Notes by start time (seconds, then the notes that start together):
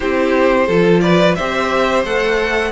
0.00 C4 E4 G4 C5
0.66 F3 F4 A4
1.00 B4 D5
1.35 C4 G4 C5 E5
2.04 A3 A4 F#5